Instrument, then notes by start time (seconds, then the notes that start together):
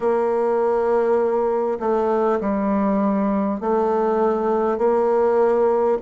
bassoon
0.00 A#3
1.79 A3
2.40 G3
3.60 A3
4.77 A#3